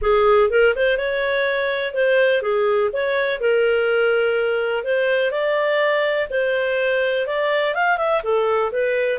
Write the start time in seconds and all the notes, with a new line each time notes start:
0.01 G#4
0.50 A#4
0.75 C5
0.97 C#5
1.94 C5
2.41 G#4
2.92 C#5
3.40 A#4
4.83 C5
5.31 D5
6.30 C5
7.26 D5
7.74 F5
7.97 E5
8.23 A4
8.72 B4